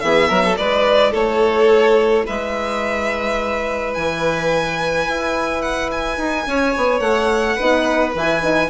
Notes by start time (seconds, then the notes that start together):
0.00 E3 B3 G#4 E5
0.29 F#3 A#4
0.45 A4
0.56 G#3 E4 B4 D5
1.12 A3 A4 C#5
2.26 G#3 B4 E5
3.94 E3 G#5
5.08 E4
5.62 F#5
5.92 G#5
6.18 D#4
6.47 C#4 C#5
6.77 B3
7.00 A3 F#5
7.57 B3 D#4 B4
8.15 E3 E4 G#5
8.43 D#4